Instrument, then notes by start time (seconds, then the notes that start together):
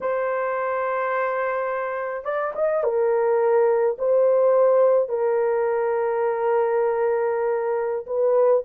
horn
0.01 C5
2.24 D5
2.55 D#5
2.83 A#4
3.98 C5
5.08 A#4
8.06 B4